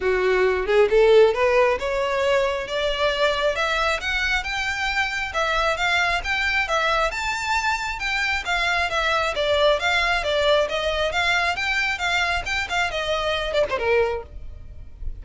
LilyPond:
\new Staff \with { instrumentName = "violin" } { \time 4/4 \tempo 4 = 135 fis'4. gis'8 a'4 b'4 | cis''2 d''2 | e''4 fis''4 g''2 | e''4 f''4 g''4 e''4 |
a''2 g''4 f''4 | e''4 d''4 f''4 d''4 | dis''4 f''4 g''4 f''4 | g''8 f''8 dis''4. d''16 c''16 ais'4 | }